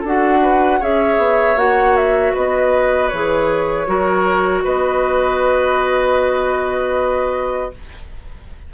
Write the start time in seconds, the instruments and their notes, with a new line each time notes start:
0.00 bassoon D4, oboe A4
0.06 clarinet F#4, flute F#5
0.42 oboe B4
0.80 bassoon C#4, clarinet G#4, oboe C#5, flute E5
1.18 bassoon B3
1.56 bassoon A#3, clarinet F#4, flute F#5
1.96 flute E5
2.34 bassoon B3, oboe B4, flute D#5
3.09 bassoon E3, clarinet G#4, flute C#5
3.87 bassoon F#3, clarinet F#4, oboe A#4
4.64 bassoon B3, oboe B4, flute D#5